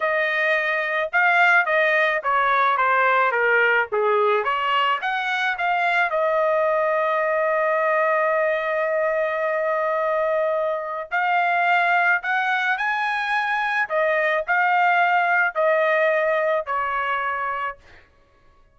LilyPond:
\new Staff \with { instrumentName = "trumpet" } { \time 4/4 \tempo 4 = 108 dis''2 f''4 dis''4 | cis''4 c''4 ais'4 gis'4 | cis''4 fis''4 f''4 dis''4~ | dis''1~ |
dis''1 | f''2 fis''4 gis''4~ | gis''4 dis''4 f''2 | dis''2 cis''2 | }